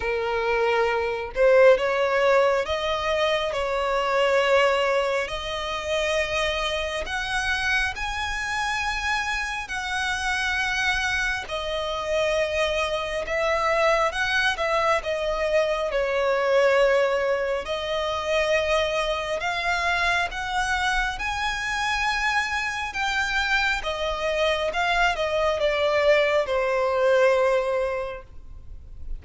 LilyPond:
\new Staff \with { instrumentName = "violin" } { \time 4/4 \tempo 4 = 68 ais'4. c''8 cis''4 dis''4 | cis''2 dis''2 | fis''4 gis''2 fis''4~ | fis''4 dis''2 e''4 |
fis''8 e''8 dis''4 cis''2 | dis''2 f''4 fis''4 | gis''2 g''4 dis''4 | f''8 dis''8 d''4 c''2 | }